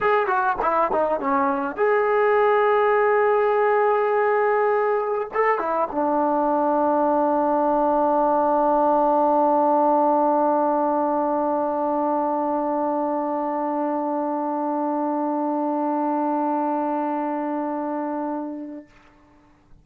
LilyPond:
\new Staff \with { instrumentName = "trombone" } { \time 4/4 \tempo 4 = 102 gis'8 fis'8 e'8 dis'8 cis'4 gis'4~ | gis'1~ | gis'4 a'8 e'8 d'2~ | d'1~ |
d'1~ | d'1~ | d'1~ | d'1 | }